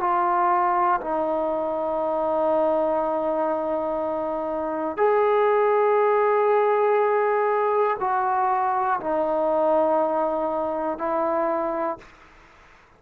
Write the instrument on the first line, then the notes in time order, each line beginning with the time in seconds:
trombone
0.00 F4
1.01 D#4
4.97 G#4
8.00 F#4
9.00 D#4
10.99 E4